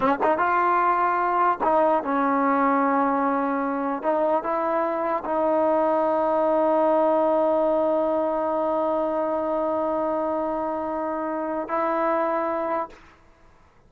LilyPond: \new Staff \with { instrumentName = "trombone" } { \time 4/4 \tempo 4 = 149 cis'8 dis'8 f'2. | dis'4 cis'2.~ | cis'2 dis'4 e'4~ | e'4 dis'2.~ |
dis'1~ | dis'1~ | dis'1~ | dis'4 e'2. | }